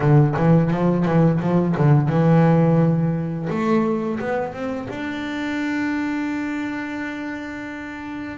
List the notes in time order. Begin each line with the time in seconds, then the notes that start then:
0.00 D3
0.36 E3
0.70 F3
1.05 E3
1.40 F3
1.77 D3
2.08 E3
3.49 A3
4.19 B3
4.53 C4
4.89 D4